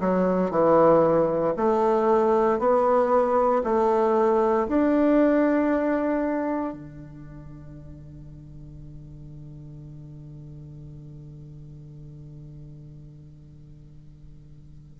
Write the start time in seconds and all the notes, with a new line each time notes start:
0.00 F#3
0.50 E3
1.56 A3
2.59 B3
3.63 A3
4.68 D4
6.73 D3